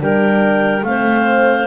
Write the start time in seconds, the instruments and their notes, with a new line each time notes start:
0.00 double bass G3, horn D4, clarinet A#4 G5
0.83 double bass A3, horn C4, clarinet C5 F5